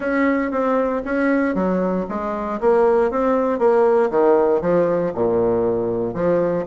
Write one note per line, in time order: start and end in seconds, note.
0.00 0.51 C#4
0.51 1.02 C4
1.04 1.54 C#4
1.54 2.06 F#3
2.08 2.60 G#3
2.60 3.10 A#3
3.10 3.59 C4
3.59 4.10 A#3
4.10 4.61 D#3
4.61 5.12 F3
5.14 6.14 A#2
6.14 6.65 F3